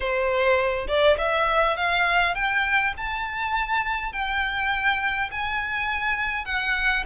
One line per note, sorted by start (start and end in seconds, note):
0.00 0.87 C5
0.87 1.17 D5
1.18 1.76 E5
1.76 2.34 F5
2.34 2.93 G5
2.97 4.12 A5
4.12 5.29 G5
5.31 6.45 G#5
6.45 7.03 F#5